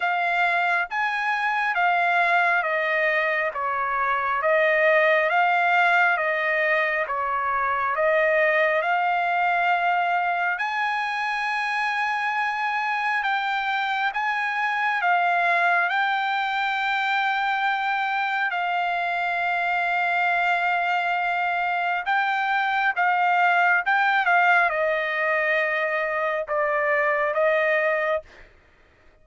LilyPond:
\new Staff \with { instrumentName = "trumpet" } { \time 4/4 \tempo 4 = 68 f''4 gis''4 f''4 dis''4 | cis''4 dis''4 f''4 dis''4 | cis''4 dis''4 f''2 | gis''2. g''4 |
gis''4 f''4 g''2~ | g''4 f''2.~ | f''4 g''4 f''4 g''8 f''8 | dis''2 d''4 dis''4 | }